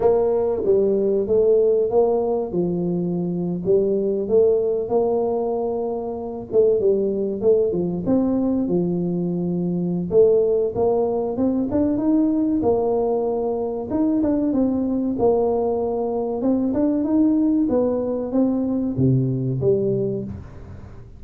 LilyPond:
\new Staff \with { instrumentName = "tuba" } { \time 4/4 \tempo 4 = 95 ais4 g4 a4 ais4 | f4.~ f16 g4 a4 ais16~ | ais2~ ais16 a8 g4 a16~ | a16 f8 c'4 f2~ f16 |
a4 ais4 c'8 d'8 dis'4 | ais2 dis'8 d'8 c'4 | ais2 c'8 d'8 dis'4 | b4 c'4 c4 g4 | }